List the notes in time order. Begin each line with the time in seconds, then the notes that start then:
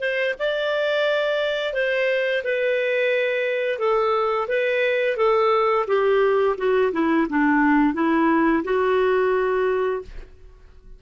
0.00 C5
0.39 D5
1.74 C5
2.44 B4
3.79 A4
4.48 B4
5.17 A4
5.87 G4
6.57 F#4
6.92 E4
7.29 D4
7.94 E4
8.64 F#4